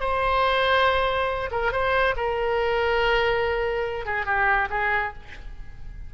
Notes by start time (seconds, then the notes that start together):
0.00 C5
1.51 A#4
1.72 C5
2.16 A#4
4.06 G#4
4.25 G4
4.70 G#4